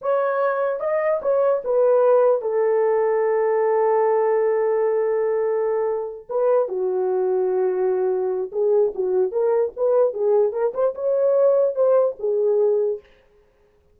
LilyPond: \new Staff \with { instrumentName = "horn" } { \time 4/4 \tempo 4 = 148 cis''2 dis''4 cis''4 | b'2 a'2~ | a'1~ | a'2.~ a'8 b'8~ |
b'8 fis'2.~ fis'8~ | fis'4 gis'4 fis'4 ais'4 | b'4 gis'4 ais'8 c''8 cis''4~ | cis''4 c''4 gis'2 | }